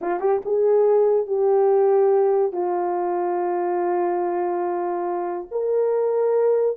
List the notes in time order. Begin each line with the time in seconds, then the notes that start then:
0.01 F4
0.20 G4
0.45 G#4
1.27 G4
2.52 F4
5.51 A#4